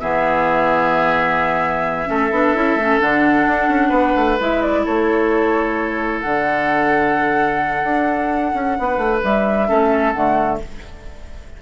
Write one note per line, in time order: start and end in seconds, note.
0.00 2.09 E3
0.00 2.06 B3
0.00 2.09 G#4
0.00 3.00 E5
2.06 2.31 A3
2.06 2.29 C#4
2.06 3.89 A4
2.31 2.54 B3
2.31 2.55 D4
2.55 2.76 C#4
2.55 2.78 E4
2.76 2.99 A3
2.76 3.00 C#4
3.00 3.47 D3
3.00 4.39 D4
3.00 4.39 F#5
3.47 3.68 D4
3.68 3.90 C#4
3.89 4.13 B3
3.89 4.81 B4
4.16 4.39 A3
4.40 4.86 G#3
4.40 6.24 E4
4.40 4.62 E5
4.62 4.85 D5
4.85 6.24 A3
4.85 8.77 A4
4.85 6.20 C#5
6.20 7.83 D3
6.20 9.68 D4
6.20 9.20 F#5
7.83 8.53 D4
8.54 8.77 C#4
8.79 8.98 B3
8.79 9.68 B4
8.98 9.21 A3
9.24 9.70 G3
9.24 10.12 E5
9.68 10.15 A3
9.68 10.14 C#4
9.68 10.60 A4
10.12 10.61 D3
10.12 10.62 A3
10.12 10.58 F#5